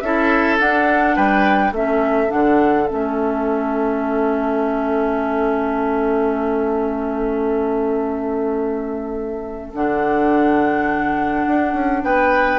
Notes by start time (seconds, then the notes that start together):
0.00 C#4 E4 A4 E5
0.59 D4 F#5
1.16 G3 B4 G5
1.72 A3 C#4 A4 E5
2.28 D3 D4 F#5
2.87 A3 C#4 E5
9.74 D3 D4 F#5
11.47 D4
11.74 C#4
12.04 B3 B4 G5